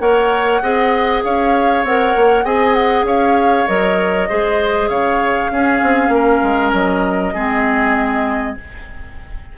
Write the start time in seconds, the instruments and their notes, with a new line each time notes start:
0.00 bassoon A#3, clarinet A#4, oboe C#5, flute F#5
0.62 bassoon C4, clarinet G#4, oboe D#5
1.24 bassoon C#4, oboe C#5, flute F5
1.84 bassoon C4, clarinet A#4, flute F#5
2.16 bassoon A#3
2.45 bassoon C4, clarinet G#4, oboe D#5, flute G#5
2.74 flute F#5
3.04 bassoon C#4, oboe C#5, flute F5
3.67 bassoon F#3, clarinet A#4, flute D#5
4.29 bassoon G#3, clarinet G#4, oboe C5
4.89 bassoon C#3, oboe C#5, flute F5
5.51 bassoon C#4, clarinet C#4, oboe G#4
5.82 bassoon C4
6.09 bassoon A#3
6.15 oboe A#4
6.43 bassoon G#3
6.73 bassoon F#3, flute D#5
7.34 bassoon G#3, clarinet C4, oboe G#4